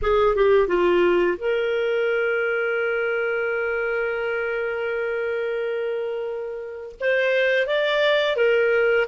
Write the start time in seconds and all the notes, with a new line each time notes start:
0.02 G#4
0.35 G4
0.67 F4
1.37 A#4
7.00 C5
7.66 D5
8.36 A#4